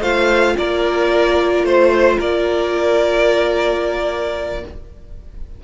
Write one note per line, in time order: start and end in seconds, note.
0.00 0.54 A3
0.00 4.62 F4
0.00 0.54 C5
0.00 0.56 F5
0.57 1.63 A#3
0.57 1.65 A#4
0.57 1.65 D5
1.63 2.17 A3
1.63 2.19 C5
1.63 2.17 C5
2.17 4.63 A#3
2.17 4.61 A#4
2.17 4.64 D5